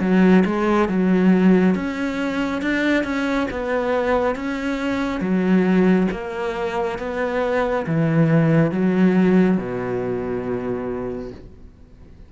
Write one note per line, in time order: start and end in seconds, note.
0.00 0.43 F#3
0.45 0.89 G#3
0.89 1.75 F#3
1.75 2.62 C#4
2.62 3.04 D4
3.04 3.47 C#4
3.51 4.36 B3
4.36 5.21 C#4
5.21 6.08 F#3
6.11 6.98 A#3
6.99 7.86 B3
7.87 8.72 E3
8.72 9.57 F#3
9.57 11.31 B2